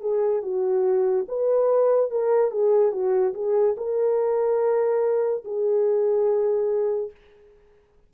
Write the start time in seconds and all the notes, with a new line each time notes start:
0.00 G#4
0.42 F#4
1.28 B4
2.10 A#4
2.51 G#4
2.91 F#4
3.33 G#4
3.77 A#4
5.44 G#4